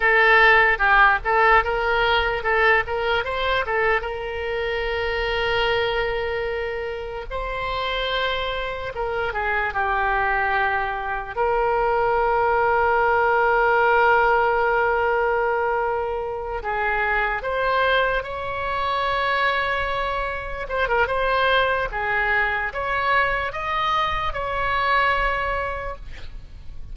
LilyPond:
\new Staff \with { instrumentName = "oboe" } { \time 4/4 \tempo 4 = 74 a'4 g'8 a'8 ais'4 a'8 ais'8 | c''8 a'8 ais'2.~ | ais'4 c''2 ais'8 gis'8 | g'2 ais'2~ |
ais'1~ | ais'8 gis'4 c''4 cis''4.~ | cis''4. c''16 ais'16 c''4 gis'4 | cis''4 dis''4 cis''2 | }